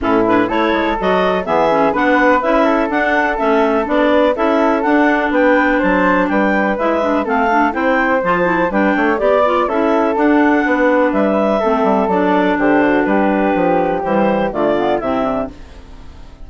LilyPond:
<<
  \new Staff \with { instrumentName = "clarinet" } { \time 4/4 \tempo 4 = 124 a'8 b'8 cis''4 dis''4 e''4 | fis''4 e''4 fis''4 e''4 | d''4 e''4 fis''4 g''4 | a''4 g''4 e''4 f''4 |
g''4 a''4 g''4 d''4 | e''4 fis''2 e''4~ | e''4 d''4 c''4 b'4~ | b'4 c''4 d''4 e''4 | }
  \new Staff \with { instrumentName = "flute" } { \time 4/4 e'4 a'2 gis'4 | b'4. a'2~ a'8~ | a'8 b'8 a'2 b'4 | c''4 b'2 a'4 |
c''2 b'8 cis''8 d''4 | a'2 b'2 | a'2 g'8 fis'8 g'4~ | g'2 f'4 e'8 d'8 | }
  \new Staff \with { instrumentName = "clarinet" } { \time 4/4 cis'8 d'8 e'4 fis'4 b8 cis'8 | d'4 e'4 d'4 cis'4 | d'4 e'4 d'2~ | d'2 e'8 d'8 c'8 d'8 |
e'4 f'8 e'8 d'4 g'8 f'8 | e'4 d'2. | c'4 d'2.~ | d'4 g4 a8 b8 c'4 | }
  \new Staff \with { instrumentName = "bassoon" } { \time 4/4 a,4 a8 gis8 fis4 e4 | b4 cis'4 d'4 a4 | b4 cis'4 d'4 b4 | fis4 g4 gis4 a4 |
c'4 f4 g8 a8 b4 | cis'4 d'4 b4 g4 | a8 g8 fis4 d4 g4 | f4 e4 d4 c4 | }
>>